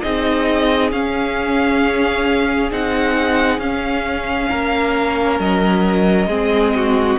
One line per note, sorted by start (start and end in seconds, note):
0.00 0.91 C4
0.00 0.92 D#4
0.00 4.49 G#4
0.00 0.90 D#5
0.91 2.71 C#4
0.91 2.71 F5
2.71 3.58 C4
2.71 3.60 D#4
2.71 3.59 F#5
3.58 4.48 C#4
3.58 6.29 C#4
3.58 5.38 F5
4.49 5.39 A#3
4.49 6.28 A#4
5.39 6.26 F#3
5.39 7.18 D#5
6.26 7.16 G#3
6.26 7.18 C4
6.26 6.73 G#4
6.75 7.18 F#4